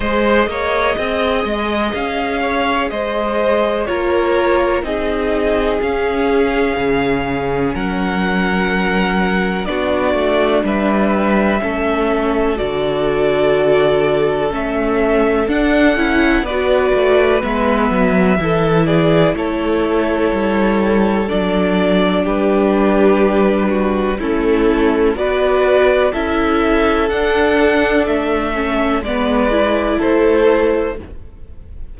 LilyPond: <<
  \new Staff \with { instrumentName = "violin" } { \time 4/4 \tempo 4 = 62 dis''2 f''4 dis''4 | cis''4 dis''4 f''2 | fis''2 d''4 e''4~ | e''4 d''2 e''4 |
fis''4 d''4 e''4. d''8 | cis''2 d''4 b'4~ | b'4 a'4 d''4 e''4 | fis''4 e''4 d''4 c''4 | }
  \new Staff \with { instrumentName = "violin" } { \time 4/4 c''8 cis''8 dis''4. cis''8 c''4 | ais'4 gis'2. | ais'2 fis'4 b'4 | a'1~ |
a'4 b'2 a'8 gis'8 | a'2. g'4~ | g'8 fis'8 e'4 b'4 a'4~ | a'2 b'4 a'4 | }
  \new Staff \with { instrumentName = "viola" } { \time 4/4 gis'1 | f'4 dis'4 cis'2~ | cis'2 d'2 | cis'4 fis'2 cis'4 |
d'8 e'8 fis'4 b4 e'4~ | e'2 d'2~ | d'4 cis'4 fis'4 e'4 | d'4. cis'8 b8 e'4. | }
  \new Staff \with { instrumentName = "cello" } { \time 4/4 gis8 ais8 c'8 gis8 cis'4 gis4 | ais4 c'4 cis'4 cis4 | fis2 b8 a8 g4 | a4 d2 a4 |
d'8 cis'8 b8 a8 gis8 fis8 e4 | a4 g4 fis4 g4~ | g4 a4 b4 cis'4 | d'4 a4 gis4 a4 | }
>>